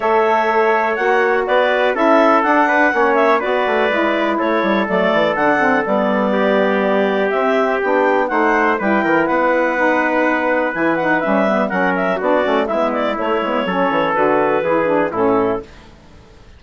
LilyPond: <<
  \new Staff \with { instrumentName = "clarinet" } { \time 4/4 \tempo 4 = 123 e''2 fis''4 d''4 | e''4 fis''4. e''8 d''4~ | d''4 cis''4 d''4 fis''4 | d''2. e''4 |
g''4 fis''4 g''4 fis''4~ | fis''2 gis''8 fis''8 e''4 | fis''8 e''8 d''4 e''8 d''8 cis''4~ | cis''4 b'2 a'4 | }
  \new Staff \with { instrumentName = "trumpet" } { \time 4/4 cis''2. b'4 | a'4. b'8 cis''4 b'4~ | b'4 a'2.~ | a'4 g'2.~ |
g'4 c''4 b'8 ais'8 b'4~ | b'1 | ais'4 fis'4 e'2 | a'2 gis'4 e'4 | }
  \new Staff \with { instrumentName = "saxophone" } { \time 4/4 a'2 fis'2 | e'4 d'4 cis'4 fis'4 | e'2 a4 d'8 c'8 | b2. c'4 |
d'4 dis'4 e'2 | dis'2 e'8 dis'8 cis'8 b8 | cis'4 d'8 cis'8 b4 a8 b8 | cis'4 fis'4 e'8 d'8 cis'4 | }
  \new Staff \with { instrumentName = "bassoon" } { \time 4/4 a2 ais4 b4 | cis'4 d'4 ais4 b8 a8 | gis4 a8 g8 fis8 e8 d4 | g2. c'4 |
b4 a4 g8 e8 b4~ | b2 e4 g4 | fis4 b8 a8 gis4 a8 gis8 | fis8 e8 d4 e4 a,4 | }
>>